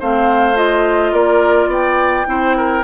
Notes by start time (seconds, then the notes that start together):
0.00 A3 C4 C5 F5
0.55 F4 D#5
1.12 A#3 A#4 D5
1.67 B3 D5 G5
2.26 C4 E4 C5
2.57 A#4